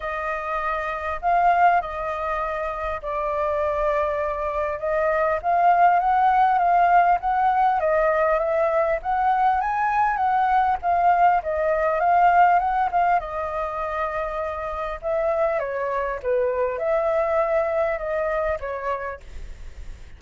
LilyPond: \new Staff \with { instrumentName = "flute" } { \time 4/4 \tempo 4 = 100 dis''2 f''4 dis''4~ | dis''4 d''2. | dis''4 f''4 fis''4 f''4 | fis''4 dis''4 e''4 fis''4 |
gis''4 fis''4 f''4 dis''4 | f''4 fis''8 f''8 dis''2~ | dis''4 e''4 cis''4 b'4 | e''2 dis''4 cis''4 | }